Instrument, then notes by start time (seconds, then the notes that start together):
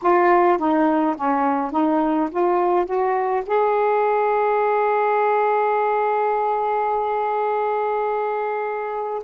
saxophone
0.02 F4
0.58 D#4
1.16 C#4
1.71 D#4
2.31 F4
2.85 F#4
3.46 G#4